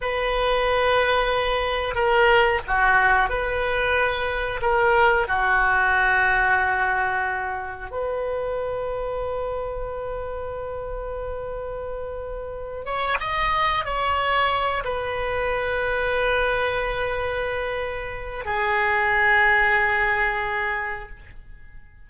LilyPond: \new Staff \with { instrumentName = "oboe" } { \time 4/4 \tempo 4 = 91 b'2. ais'4 | fis'4 b'2 ais'4 | fis'1 | b'1~ |
b'2.~ b'8 cis''8 | dis''4 cis''4. b'4.~ | b'1 | gis'1 | }